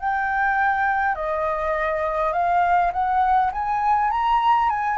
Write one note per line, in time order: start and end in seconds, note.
0.00 1.16 G5
1.16 2.33 D#5
2.33 2.92 F5
2.93 3.52 F#5
3.52 4.11 G#5
4.11 4.70 A#5
4.70 4.98 G#5